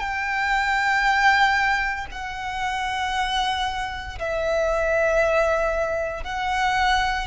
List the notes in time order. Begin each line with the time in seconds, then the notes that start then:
0.00 G5
2.12 F#5
4.19 E5
6.24 F#5